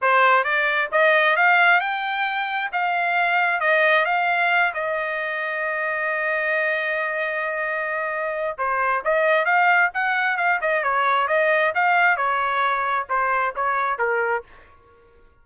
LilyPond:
\new Staff \with { instrumentName = "trumpet" } { \time 4/4 \tempo 4 = 133 c''4 d''4 dis''4 f''4 | g''2 f''2 | dis''4 f''4. dis''4.~ | dis''1~ |
dis''2. c''4 | dis''4 f''4 fis''4 f''8 dis''8 | cis''4 dis''4 f''4 cis''4~ | cis''4 c''4 cis''4 ais'4 | }